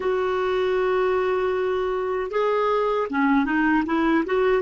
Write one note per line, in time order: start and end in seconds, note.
0.00 2.30 F#4
2.30 3.07 G#4
3.09 3.45 C#4
3.45 3.83 D#4
3.86 4.24 E4
4.25 4.62 F#4